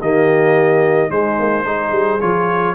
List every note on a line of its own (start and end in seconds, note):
0.00 1.10 D#3
0.00 1.10 A#3
0.00 1.09 G4
0.00 1.10 D#5
1.09 1.64 G#3
1.09 1.38 G#3
1.09 1.64 D#4
1.09 2.20 C5
1.38 1.65 A#3
1.64 1.91 G#3
1.64 2.19 D#4
1.64 2.74 G#4
1.91 2.19 G3
2.20 2.74 F3
2.20 2.74 F4
2.20 2.74 C#5